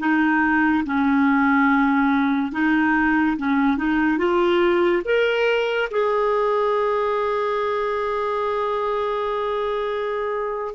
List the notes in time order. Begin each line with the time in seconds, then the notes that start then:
0.00 D#4
0.86 C#4
2.53 D#4
3.38 C#4
3.78 D#4
4.18 F4
5.05 A#4
5.91 G#4